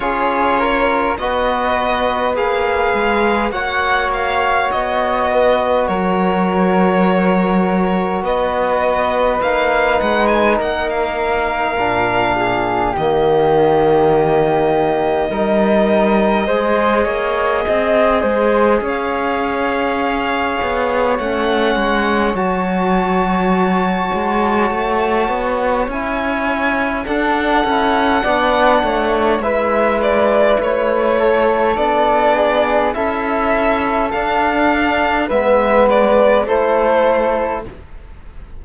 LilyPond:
<<
  \new Staff \with { instrumentName = "violin" } { \time 4/4 \tempo 4 = 51 cis''4 dis''4 f''4 fis''8 f''8 | dis''4 cis''2 dis''4 | f''8 fis''16 gis''16 fis''16 f''4.~ f''16 dis''4~ | dis''1 |
f''2 fis''4 a''4~ | a''2 gis''4 fis''4~ | fis''4 e''8 d''8 cis''4 d''4 | e''4 f''4 e''8 d''8 c''4 | }
  \new Staff \with { instrumentName = "flute" } { \time 4/4 gis'8 ais'8 b'2 cis''4~ | cis''8 b'8 ais'2 b'4~ | b'4 ais'4. gis'8 g'4~ | g'4 ais'4 c''8 cis''8 dis''8 c''8 |
cis''1~ | cis''2. a'4 | d''8 cis''8 b'4. a'4 gis'8 | a'2 b'4 a'4 | }
  \new Staff \with { instrumentName = "trombone" } { \time 4/4 f'4 fis'4 gis'4 fis'4~ | fis'1 | dis'2 d'4 ais4~ | ais4 dis'4 gis'2~ |
gis'2 cis'4 fis'4~ | fis'2 e'4 d'8 e'8 | d'4 e'2 d'4 | e'4 d'4 b4 e'4 | }
  \new Staff \with { instrumentName = "cello" } { \time 4/4 cis'4 b4 ais8 gis8 ais4 | b4 fis2 b4 | ais8 gis8 ais4 ais,4 dis4~ | dis4 g4 gis8 ais8 c'8 gis8 |
cis'4. b8 a8 gis8 fis4~ | fis8 gis8 a8 b8 cis'4 d'8 cis'8 | b8 a8 gis4 a4 b4 | cis'4 d'4 gis4 a4 | }
>>